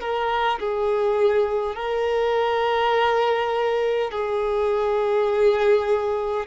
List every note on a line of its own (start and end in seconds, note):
0.00 0.59 A#4
0.59 1.75 G#4
1.75 4.11 A#4
4.11 6.46 G#4